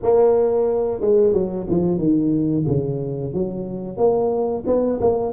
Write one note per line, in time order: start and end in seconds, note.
0.02 1.00 A#3
1.00 1.33 G#3
1.33 1.66 F#3
1.69 1.98 F3
1.98 2.64 D#3
2.67 3.33 C#3
3.33 3.97 F#3
3.97 4.63 A#3
4.66 4.99 B3
5.01 5.32 A#3